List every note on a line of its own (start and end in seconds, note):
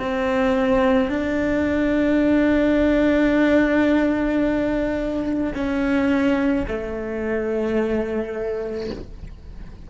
0.00 1.10 C4
1.10 5.54 D4
5.55 6.66 C#4
6.68 8.90 A3